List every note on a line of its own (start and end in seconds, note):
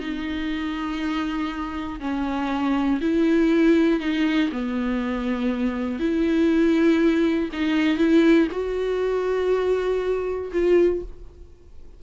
0.00 2.00 D#4
2.00 3.00 C#4
3.01 4.00 E4
4.00 4.50 D#4
4.52 6.00 B3
6.00 7.50 E4
7.53 7.98 D#4
7.98 8.48 E4
8.52 10.52 F#4
10.53 11.02 F4